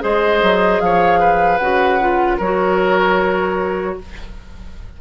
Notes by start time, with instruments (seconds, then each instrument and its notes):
0.00 bassoon G#3, clarinet G#4, oboe C5, flute D#5
0.42 bassoon F#3
0.80 bassoon F3, oboe C#5, flute F5
1.19 oboe B4
1.58 bassoon C#3, clarinet F#4, flute F#5
2.00 clarinet F4
2.37 bassoon F#3, clarinet F#4, oboe A#4, flute C#5